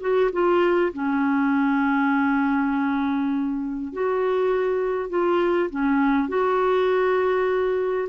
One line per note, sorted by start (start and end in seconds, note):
0.00 0.30 F#4
0.32 0.92 F4
0.93 3.92 C#4
3.92 5.09 F#4
5.09 5.69 F4
5.70 6.28 C#4
6.28 8.08 F#4